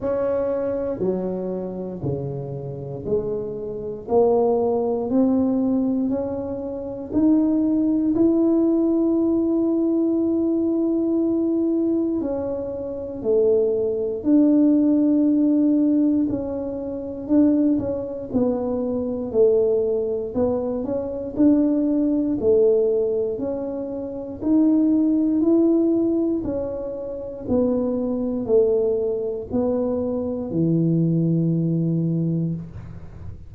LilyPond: \new Staff \with { instrumentName = "tuba" } { \time 4/4 \tempo 4 = 59 cis'4 fis4 cis4 gis4 | ais4 c'4 cis'4 dis'4 | e'1 | cis'4 a4 d'2 |
cis'4 d'8 cis'8 b4 a4 | b8 cis'8 d'4 a4 cis'4 | dis'4 e'4 cis'4 b4 | a4 b4 e2 | }